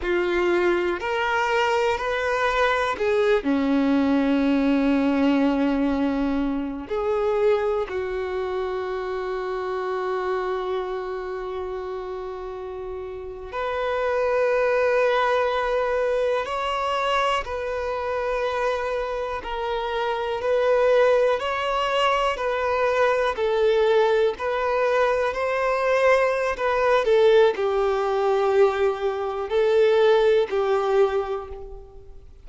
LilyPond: \new Staff \with { instrumentName = "violin" } { \time 4/4 \tempo 4 = 61 f'4 ais'4 b'4 gis'8 cis'8~ | cis'2. gis'4 | fis'1~ | fis'4.~ fis'16 b'2~ b'16~ |
b'8. cis''4 b'2 ais'16~ | ais'8. b'4 cis''4 b'4 a'16~ | a'8. b'4 c''4~ c''16 b'8 a'8 | g'2 a'4 g'4 | }